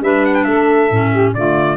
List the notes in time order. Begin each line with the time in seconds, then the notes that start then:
0.00 G3 D4 B4 E5
0.25 F#5
0.34 G5
0.44 A3 A4 E5
0.90 A2 C#4
1.11 G4
1.34 D3 A3 F4 D5